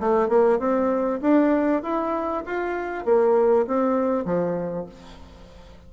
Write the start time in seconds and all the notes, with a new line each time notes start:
0.00 A3
0.29 A#3
0.59 C4
1.21 D4
1.83 E4
2.46 F4
3.05 A#3
3.67 C4
4.25 F3